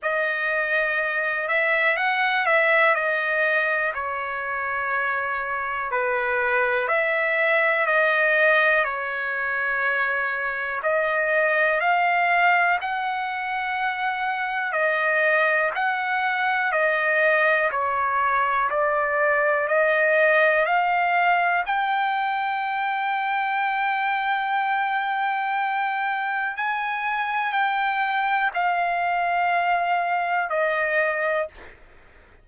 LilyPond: \new Staff \with { instrumentName = "trumpet" } { \time 4/4 \tempo 4 = 61 dis''4. e''8 fis''8 e''8 dis''4 | cis''2 b'4 e''4 | dis''4 cis''2 dis''4 | f''4 fis''2 dis''4 |
fis''4 dis''4 cis''4 d''4 | dis''4 f''4 g''2~ | g''2. gis''4 | g''4 f''2 dis''4 | }